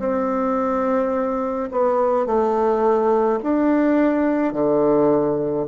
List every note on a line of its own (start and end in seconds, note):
0.00 1.70 C4
1.72 2.27 B3
2.27 3.40 A3
3.43 4.53 D4
4.53 5.67 D3